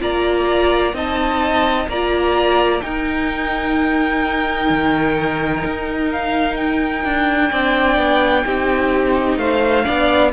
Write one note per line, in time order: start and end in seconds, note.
0.00 0.94 A#3
0.00 0.94 F4
0.00 0.95 D5
0.00 0.96 A#5
0.94 1.88 C4
0.94 1.88 D#4
0.94 1.89 D#5
0.94 1.90 A5
1.88 2.82 A#3
1.88 2.82 F4
1.88 2.84 D5
1.88 2.82 A#5
2.82 7.51 D#4
2.82 4.70 D#4
2.82 7.51 A#4
2.82 6.10 G5
4.70 5.64 D#3
5.65 7.05 D#4
6.12 6.56 F5
6.56 9.38 G5
7.05 7.52 D4
7.51 7.97 C4
7.51 8.46 D4
7.51 8.45 D5
7.97 8.44 B3
8.45 9.37 C4
8.45 9.85 D#4
8.45 9.39 G4
9.37 9.84 A3
9.37 9.85 C5
9.37 10.32 F5
9.85 10.33 B3
9.85 10.32 D4
9.85 10.32 D5